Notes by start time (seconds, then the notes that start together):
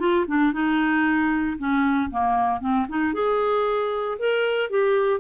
0.00 F4
0.28 D4
0.53 D#4
1.58 C#4
2.11 A#3
2.61 C4
2.89 D#4
3.14 G#4
4.19 A#4
4.71 G4